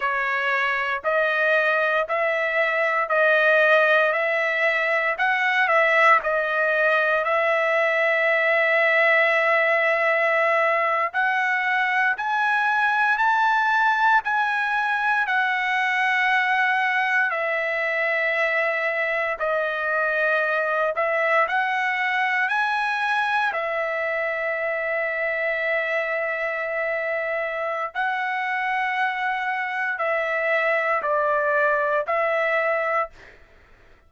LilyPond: \new Staff \with { instrumentName = "trumpet" } { \time 4/4 \tempo 4 = 58 cis''4 dis''4 e''4 dis''4 | e''4 fis''8 e''8 dis''4 e''4~ | e''2~ e''8. fis''4 gis''16~ | gis''8. a''4 gis''4 fis''4~ fis''16~ |
fis''8. e''2 dis''4~ dis''16~ | dis''16 e''8 fis''4 gis''4 e''4~ e''16~ | e''2. fis''4~ | fis''4 e''4 d''4 e''4 | }